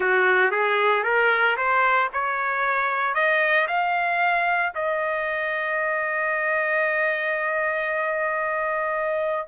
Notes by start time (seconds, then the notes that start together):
0.00 F#4
0.51 G#4
1.03 A#4
1.56 C5
2.13 C#5
3.14 D#5
3.67 F5
4.75 D#5